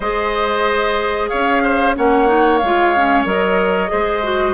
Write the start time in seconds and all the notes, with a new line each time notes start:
0.00 G#3 G#4 C5 D#5
1.29 C#4 C#5 F5
1.63 C5
1.95 A#3 C#4 C#5 F#5
2.27 D#4
2.58 G#3 F5
2.64 F4
2.96 C#4
3.25 F#3 A#4 D#5
3.88 G#3 G#4 C5
4.22 F#4